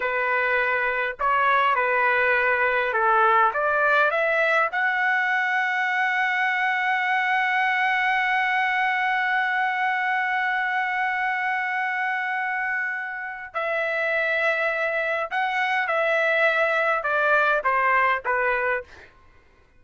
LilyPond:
\new Staff \with { instrumentName = "trumpet" } { \time 4/4 \tempo 4 = 102 b'2 cis''4 b'4~ | b'4 a'4 d''4 e''4 | fis''1~ | fis''1~ |
fis''1~ | fis''2. e''4~ | e''2 fis''4 e''4~ | e''4 d''4 c''4 b'4 | }